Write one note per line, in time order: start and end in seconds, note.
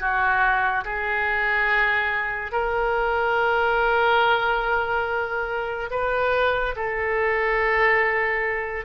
0.00 0.85 F#4
0.85 2.52 G#4
2.52 5.90 A#4
5.91 6.75 B4
6.76 8.85 A4